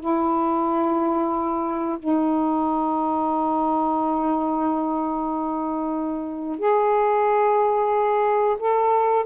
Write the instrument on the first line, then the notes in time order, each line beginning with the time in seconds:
saxophone
0.00 E4
1.99 D#4
6.59 G#4
8.59 A4